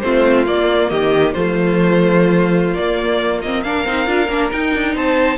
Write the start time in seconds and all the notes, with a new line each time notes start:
0.00 A3 C4 F4 C5
0.46 A#3 D5
0.90 D#3 G4 D#5
1.33 F3 A3 F4 C5
2.74 A#3 D5
3.42 C4 D#5
3.63 D4 A#4 F5
3.85 C4 D#4
4.06 D4 F4
4.28 A#3 D4
4.52 D#4 G5
4.75 D4
4.94 C4 C5 A5